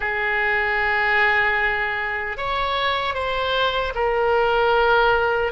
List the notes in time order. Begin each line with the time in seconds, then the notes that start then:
0.00 G#4
2.37 C#5
3.14 C5
3.94 A#4